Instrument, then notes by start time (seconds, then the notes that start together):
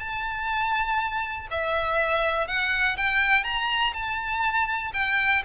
violin
0.00 A5
1.51 E5
2.48 F#5
2.97 G5
3.44 A#5
3.94 A5
4.94 G5